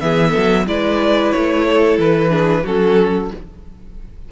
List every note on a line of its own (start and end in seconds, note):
0.00 0.35 E3
0.00 0.66 B3
0.00 0.30 G#4
0.00 0.66 E5
0.30 0.62 A4
0.36 0.66 F#3
0.66 1.32 G#3
0.66 2.29 E4
0.66 1.66 B4
0.66 1.31 D5
1.31 1.98 A3
1.31 1.97 C#5
1.66 2.32 A4
1.98 2.64 E3
1.98 2.65 B4
2.29 2.62 D4
2.29 2.63 G#4
2.63 3.30 F#3
2.63 3.31 C#4
2.63 3.29 F#4
2.63 3.31 A4